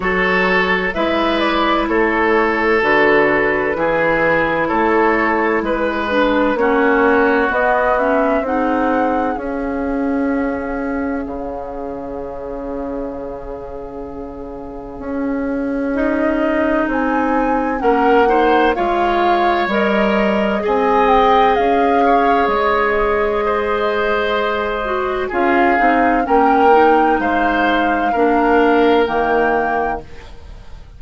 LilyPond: <<
  \new Staff \with { instrumentName = "flute" } { \time 4/4 \tempo 4 = 64 cis''4 e''8 d''8 cis''4 b'4~ | b'4 cis''4 b'4 cis''4 | dis''8 e''8 fis''4 f''2~ | f''1~ |
f''4 dis''4 gis''4 fis''4 | f''4 dis''4 gis''8 g''8 f''4 | dis''2. f''4 | g''4 f''2 g''4 | }
  \new Staff \with { instrumentName = "oboe" } { \time 4/4 a'4 b'4 a'2 | gis'4 a'4 b'4 fis'4~ | fis'4 gis'2.~ | gis'1~ |
gis'2. ais'8 c''8 | cis''2 dis''4. cis''8~ | cis''4 c''2 gis'4 | ais'4 c''4 ais'2 | }
  \new Staff \with { instrumentName = "clarinet" } { \time 4/4 fis'4 e'2 fis'4 | e'2~ e'8 d'8 cis'4 | b8 cis'8 dis'4 cis'2~ | cis'1~ |
cis'4 dis'2 cis'8 dis'8 | f'4 ais'4 gis'2~ | gis'2~ gis'8 fis'8 f'8 dis'8 | cis'8 dis'4. d'4 ais4 | }
  \new Staff \with { instrumentName = "bassoon" } { \time 4/4 fis4 gis4 a4 d4 | e4 a4 gis4 ais4 | b4 c'4 cis'2 | cis1 |
cis'2 c'4 ais4 | gis4 g4 c'4 cis'4 | gis2. cis'8 c'8 | ais4 gis4 ais4 dis4 | }
>>